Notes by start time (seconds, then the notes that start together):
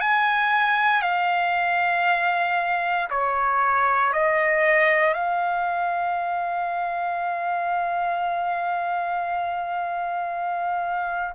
0.00 G#5
1.02 F5
3.10 C#5
4.13 D#5
5.14 F5